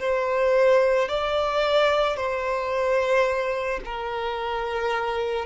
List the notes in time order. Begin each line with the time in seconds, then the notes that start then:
0.00 C5
1.09 D5
2.17 C5
3.85 A#4